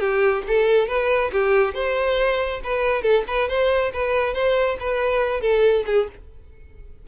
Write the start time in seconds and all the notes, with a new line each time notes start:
0.00 G4
0.48 A4
0.88 B4
1.32 G4
1.74 C5
2.64 B4
3.02 A4
3.27 B4
3.49 C5
3.93 B4
4.34 C5
4.80 B4
5.41 A4
5.86 G#4